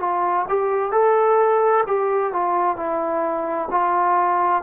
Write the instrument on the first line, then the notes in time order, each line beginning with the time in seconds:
trombone
0.00 F4
0.49 G4
0.92 A4
1.87 G4
2.33 F4
2.77 E4
3.71 F4